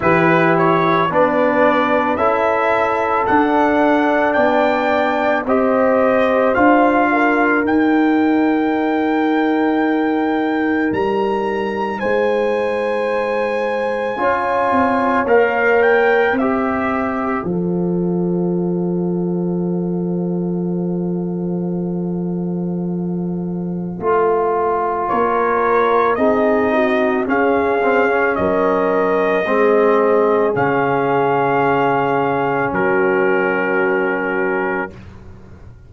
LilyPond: <<
  \new Staff \with { instrumentName = "trumpet" } { \time 4/4 \tempo 4 = 55 b'8 cis''8 d''4 e''4 fis''4 | g''4 dis''4 f''4 g''4~ | g''2 ais''4 gis''4~ | gis''2 f''8 g''8 e''4 |
f''1~ | f''2. cis''4 | dis''4 f''4 dis''2 | f''2 ais'2 | }
  \new Staff \with { instrumentName = "horn" } { \time 4/4 g'4 b'4 a'2 | d''4 c''4. ais'4.~ | ais'2. c''4~ | c''4 cis''2 c''4~ |
c''1~ | c''2. ais'4 | gis'8 fis'8 gis'4 ais'4 gis'4~ | gis'2 fis'2 | }
  \new Staff \with { instrumentName = "trombone" } { \time 4/4 e'4 d'4 e'4 d'4~ | d'4 g'4 f'4 dis'4~ | dis'1~ | dis'4 f'4 ais'4 g'4 |
a'1~ | a'2 f'2 | dis'4 cis'8 c'16 cis'4~ cis'16 c'4 | cis'1 | }
  \new Staff \with { instrumentName = "tuba" } { \time 4/4 e4 b4 cis'4 d'4 | b4 c'4 d'4 dis'4~ | dis'2 g4 gis4~ | gis4 cis'8 c'8 ais4 c'4 |
f1~ | f2 a4 ais4 | c'4 cis'4 fis4 gis4 | cis2 fis2 | }
>>